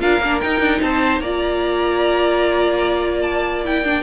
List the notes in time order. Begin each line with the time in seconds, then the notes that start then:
0.00 D4 F4 A#4 F5
0.20 A#3 D4
0.40 D#4 G5
0.60 D4
0.82 C4 C5 A5
1.19 A#3 F4 D5 A#5
3.22 A5
3.64 E4 G5
3.84 D4